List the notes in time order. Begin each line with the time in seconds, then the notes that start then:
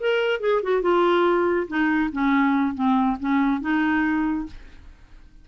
0.00 A#4
0.40 G#4
0.63 F#4
0.82 F4
1.68 D#4
2.12 C#4
2.75 C4
3.20 C#4
3.61 D#4